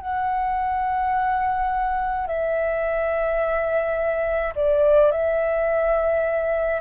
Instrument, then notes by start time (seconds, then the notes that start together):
flute
0.00 F#5
2.26 E5
4.55 D5
5.11 E5